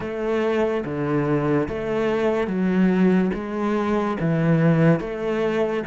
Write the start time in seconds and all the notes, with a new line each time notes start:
0.00 A3
0.84 D3
1.68 A3
2.47 F#3
3.33 G#3
4.20 E3
5.00 A3